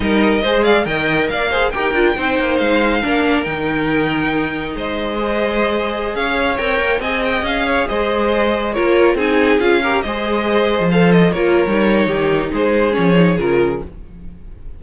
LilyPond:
<<
  \new Staff \with { instrumentName = "violin" } { \time 4/4 \tempo 4 = 139 dis''4. f''8 g''4 f''4 | g''2 f''2 | g''2. dis''4~ | dis''2~ dis''16 f''4 g''8.~ |
g''16 gis''8 g''8 f''4 dis''4.~ dis''16~ | dis''16 cis''4 gis''4 f''4 dis''8.~ | dis''4~ dis''16 f''8 dis''8 cis''4.~ cis''16~ | cis''4 c''4 cis''4 ais'4 | }
  \new Staff \with { instrumentName = "violin" } { \time 4/4 ais'4 c''8 d''8 dis''4 d''8 c''8 | ais'4 c''2 ais'4~ | ais'2. c''4~ | c''2~ c''16 cis''4.~ cis''16~ |
cis''16 dis''4. cis''8 c''4.~ c''16~ | c''16 ais'4 gis'4. ais'8 c''8.~ | c''2~ c''16 ais'4.~ ais'16 | g'4 gis'2. | }
  \new Staff \with { instrumentName = "viola" } { \time 4/4 dis'4 gis'4 ais'4. gis'8 | g'8 f'8 dis'2 d'4 | dis'1 | gis'2.~ gis'16 ais'8.~ |
ais'16 gis'2.~ gis'8.~ | gis'16 f'4 dis'4 f'8 g'8 gis'8.~ | gis'4~ gis'16 a'4 f'8. dis'4~ | dis'2 cis'8 dis'8 f'4 | }
  \new Staff \with { instrumentName = "cello" } { \time 4/4 g4 gis4 dis4 ais4 | dis'8 d'8 c'8 ais8 gis4 ais4 | dis2. gis4~ | gis2~ gis16 cis'4 c'8 ais16~ |
ais16 c'4 cis'4 gis4.~ gis16~ | gis16 ais4 c'4 cis'4 gis8.~ | gis4 f4~ f16 ais8. g4 | dis4 gis4 f4 cis4 | }
>>